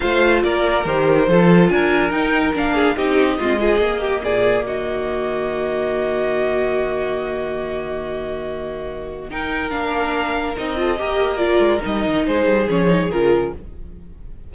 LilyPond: <<
  \new Staff \with { instrumentName = "violin" } { \time 4/4 \tempo 4 = 142 f''4 d''4 c''2 | gis''4 g''4 f''4 dis''4~ | dis''2 d''4 dis''4~ | dis''1~ |
dis''1~ | dis''2 g''4 f''4~ | f''4 dis''2 d''4 | dis''4 c''4 cis''4 ais'4 | }
  \new Staff \with { instrumentName = "violin" } { \time 4/4 c''4 ais'2 a'4 | ais'2~ ais'8 gis'8 g'4 | f'8 gis'4 g'8 gis'4 fis'4~ | fis'1~ |
fis'1~ | fis'2 ais'2~ | ais'4. a'8 ais'2~ | ais'4 gis'2. | }
  \new Staff \with { instrumentName = "viola" } { \time 4/4 f'2 g'4 f'4~ | f'4 dis'4 d'4 dis'4 | c'8 f8 ais2.~ | ais1~ |
ais1~ | ais2 dis'4 d'4~ | d'4 dis'8 f'8 g'4 f'4 | dis'2 cis'8 dis'8 f'4 | }
  \new Staff \with { instrumentName = "cello" } { \time 4/4 a4 ais4 dis4 f4 | d'4 dis'4 ais4 c'4 | gis4 ais4 ais,4 dis4~ | dis1~ |
dis1~ | dis2. ais4~ | ais4 c'4 ais4. gis8 | g8 dis8 gis8 g8 f4 cis4 | }
>>